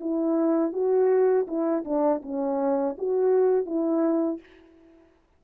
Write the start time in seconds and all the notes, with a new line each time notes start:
0.00 E4
0.73 F#4
1.47 E4
1.85 D4
2.22 C#4
2.98 F#4
3.66 E4